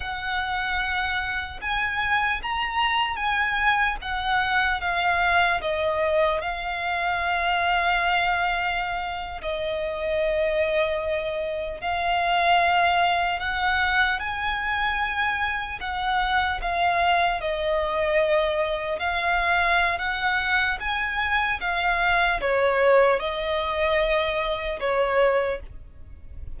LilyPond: \new Staff \with { instrumentName = "violin" } { \time 4/4 \tempo 4 = 75 fis''2 gis''4 ais''4 | gis''4 fis''4 f''4 dis''4 | f''2.~ f''8. dis''16~ | dis''2~ dis''8. f''4~ f''16~ |
f''8. fis''4 gis''2 fis''16~ | fis''8. f''4 dis''2 f''16~ | f''4 fis''4 gis''4 f''4 | cis''4 dis''2 cis''4 | }